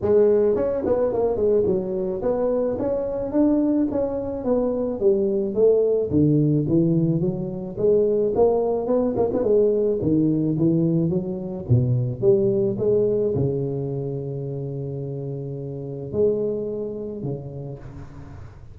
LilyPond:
\new Staff \with { instrumentName = "tuba" } { \time 4/4 \tempo 4 = 108 gis4 cis'8 b8 ais8 gis8 fis4 | b4 cis'4 d'4 cis'4 | b4 g4 a4 d4 | e4 fis4 gis4 ais4 |
b8 ais16 b16 gis4 dis4 e4 | fis4 b,4 g4 gis4 | cis1~ | cis4 gis2 cis4 | }